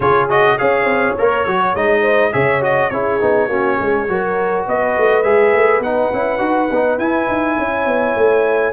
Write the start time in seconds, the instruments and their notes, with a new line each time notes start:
0.00 tuba C#3, trombone F4, horn G#4, trumpet C#5
0.29 trombone F#4, trumpet D#5
0.58 tuba C#4, trombone G#4, horn C#5, trumpet F5
0.85 tuba C4
1.18 tuba A#3, trombone A#4, trumpet C#5
1.46 tuba F#3, trombone F#4
1.74 tuba G#3, trombone D#4, trumpet D#5
2.01 horn C5
2.32 tuba C#3, trombone G#4, horn C#5, trumpet E5
2.61 trombone F#4, trumpet D#5
2.89 tuba C#4, trombone E4, horn G#4, trumpet C#5
3.20 tuba B3, trombone D#4
3.48 tuba A#3, trombone C#4, horn F#4
3.77 tuba G#3, horn G#4
4.08 tuba F#3, trombone F#4, horn A#4
4.66 tuba B3, horn B4, trumpet D#5
4.97 tuba A3
5.22 tuba G#3, trombone G#4, trumpet E5
5.53 tuba A3
5.79 tuba B3, trombone D#4, trumpet F#5
6.12 tuba C#4, trombone E4
6.38 tuba D#4, trombone F#4
6.70 tuba B3, trombone D#4
6.98 tuba E4, trombone E4, trumpet G#5
7.28 tuba D#4
7.58 tuba C#4, horn C#5
7.85 tuba B3
8.15 tuba A3